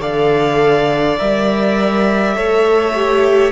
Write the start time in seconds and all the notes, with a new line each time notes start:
0.00 D3 A4 D5 F5
1.18 G3 A#4 E5
2.35 A3 A4 C#5
2.95 G4